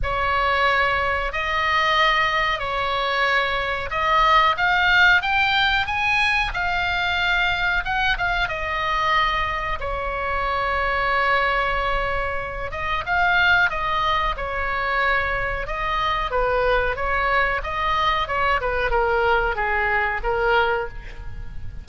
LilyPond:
\new Staff \with { instrumentName = "oboe" } { \time 4/4 \tempo 4 = 92 cis''2 dis''2 | cis''2 dis''4 f''4 | g''4 gis''4 f''2 | fis''8 f''8 dis''2 cis''4~ |
cis''2.~ cis''8 dis''8 | f''4 dis''4 cis''2 | dis''4 b'4 cis''4 dis''4 | cis''8 b'8 ais'4 gis'4 ais'4 | }